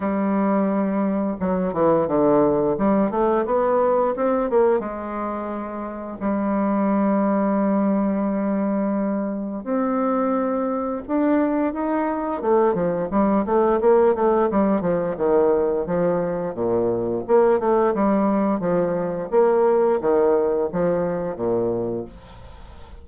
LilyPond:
\new Staff \with { instrumentName = "bassoon" } { \time 4/4 \tempo 4 = 87 g2 fis8 e8 d4 | g8 a8 b4 c'8 ais8 gis4~ | gis4 g2.~ | g2 c'2 |
d'4 dis'4 a8 f8 g8 a8 | ais8 a8 g8 f8 dis4 f4 | ais,4 ais8 a8 g4 f4 | ais4 dis4 f4 ais,4 | }